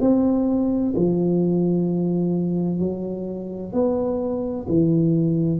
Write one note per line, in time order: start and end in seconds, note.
0.00 0.94 C4
0.95 2.79 F3
2.79 3.72 F#3
3.72 4.66 B3
4.68 5.60 E3